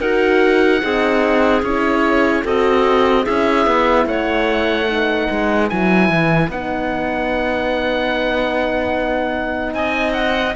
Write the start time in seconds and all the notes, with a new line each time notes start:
0.00 D#4 F#4 A#4 F#5
0.81 C4 D#4 G#4
1.62 C#4 E4 C#5
2.43 C4 F#4 A4 D#5
3.23 C#4 E4 G#4 E5
3.66 B3
4.06 A3 C#5 F#5
4.87 D#4 B4
5.30 G#3
5.68 F#3 E4 G#5
6.09 E3
6.49 B3 D#4 F#5
9.73 C4 D#5 G#5
10.12 F#5